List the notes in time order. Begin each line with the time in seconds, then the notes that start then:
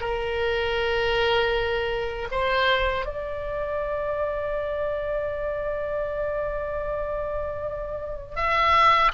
0.00 A#4
2.31 C5
3.06 D5
8.35 E5